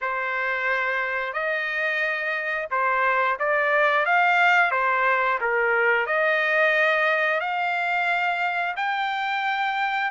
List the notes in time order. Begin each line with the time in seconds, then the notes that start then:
0.01 C5
1.33 D#5
2.70 C5
3.39 D5
4.05 F5
4.71 C5
5.40 A#4
6.06 D#5
7.40 F5
8.76 G5